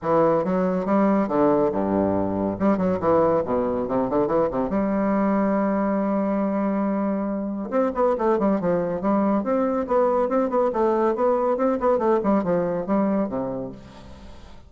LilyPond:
\new Staff \with { instrumentName = "bassoon" } { \time 4/4 \tempo 4 = 140 e4 fis4 g4 d4 | g,2 g8 fis8 e4 | b,4 c8 d8 e8 c8 g4~ | g1~ |
g2 c'8 b8 a8 g8 | f4 g4 c'4 b4 | c'8 b8 a4 b4 c'8 b8 | a8 g8 f4 g4 c4 | }